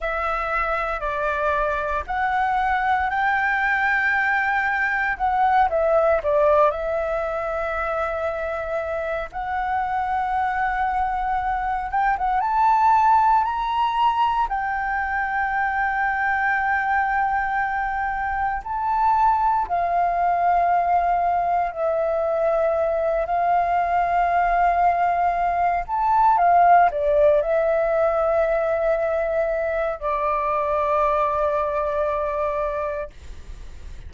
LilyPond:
\new Staff \with { instrumentName = "flute" } { \time 4/4 \tempo 4 = 58 e''4 d''4 fis''4 g''4~ | g''4 fis''8 e''8 d''8 e''4.~ | e''4 fis''2~ fis''8 g''16 fis''16 | a''4 ais''4 g''2~ |
g''2 a''4 f''4~ | f''4 e''4. f''4.~ | f''4 a''8 f''8 d''8 e''4.~ | e''4 d''2. | }